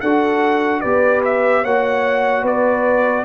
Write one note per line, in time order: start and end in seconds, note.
0.00 0.83 D4
0.00 0.84 F#4
0.00 0.81 A4
0.00 0.80 F#5
0.80 1.64 B3
0.80 1.65 G4
0.80 1.62 B4
0.80 1.21 D5
1.24 1.65 E5
1.62 2.43 A#3
1.62 3.24 F#4
1.62 2.42 C#5
1.62 2.46 F#5
2.42 3.24 B3
2.42 3.23 B4
2.42 3.24 D5